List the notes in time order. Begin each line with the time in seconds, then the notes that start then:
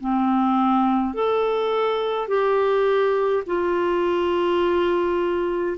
0.00 C4
1.14 A4
2.28 G4
3.46 F4